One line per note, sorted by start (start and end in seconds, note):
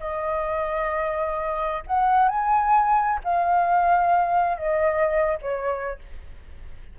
0.00 1.83 D#5
1.87 2.28 F#5
2.28 3.20 G#5
3.24 4.57 F5
4.57 5.38 D#5
5.41 5.99 C#5